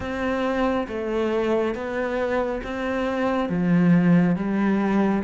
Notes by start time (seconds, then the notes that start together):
0.00 C4
0.87 A3
1.74 B3
2.63 C4
3.49 F3
4.36 G3